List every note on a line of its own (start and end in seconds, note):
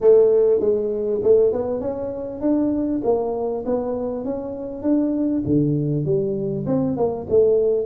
0.00 0.60 A3
0.60 1.20 G#3
1.23 1.52 A3
1.52 1.80 B3
1.80 2.40 C#4
2.40 3.01 D4
3.04 3.64 A#3
3.65 4.24 B3
4.24 4.82 C#4
4.82 5.43 D4
5.45 6.05 D3
6.05 6.65 G3
6.66 6.96 C4
6.96 7.26 A#3
7.29 7.86 A3